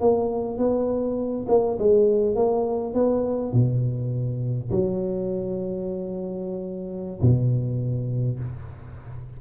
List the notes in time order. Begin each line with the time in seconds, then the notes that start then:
0.00 A#3
0.58 B3
1.48 A#3
1.79 G#3
2.35 A#3
2.94 B3
3.53 B2
4.71 F#3
7.21 B2